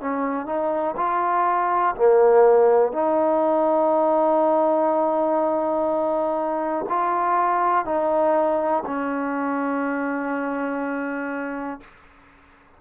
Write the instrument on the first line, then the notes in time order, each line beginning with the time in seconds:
trombone
0.00 C#4
0.46 D#4
0.97 F4
1.95 A#3
2.92 D#4
6.89 F4
7.85 D#4
8.85 C#4